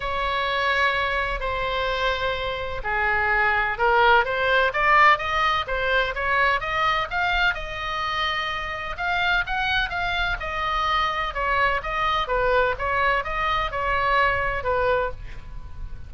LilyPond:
\new Staff \with { instrumentName = "oboe" } { \time 4/4 \tempo 4 = 127 cis''2. c''4~ | c''2 gis'2 | ais'4 c''4 d''4 dis''4 | c''4 cis''4 dis''4 f''4 |
dis''2. f''4 | fis''4 f''4 dis''2 | cis''4 dis''4 b'4 cis''4 | dis''4 cis''2 b'4 | }